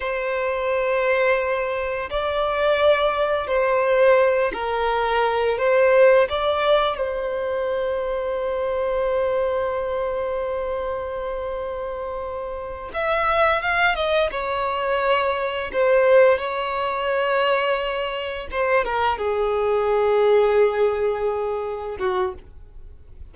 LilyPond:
\new Staff \with { instrumentName = "violin" } { \time 4/4 \tempo 4 = 86 c''2. d''4~ | d''4 c''4. ais'4. | c''4 d''4 c''2~ | c''1~ |
c''2~ c''8 e''4 f''8 | dis''8 cis''2 c''4 cis''8~ | cis''2~ cis''8 c''8 ais'8 gis'8~ | gis'2.~ gis'8 fis'8 | }